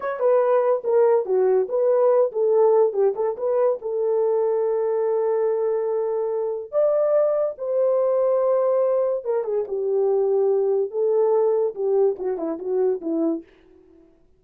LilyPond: \new Staff \with { instrumentName = "horn" } { \time 4/4 \tempo 4 = 143 cis''8 b'4. ais'4 fis'4 | b'4. a'4. g'8 a'8 | b'4 a'2.~ | a'1 |
d''2 c''2~ | c''2 ais'8 gis'8 g'4~ | g'2 a'2 | g'4 fis'8 e'8 fis'4 e'4 | }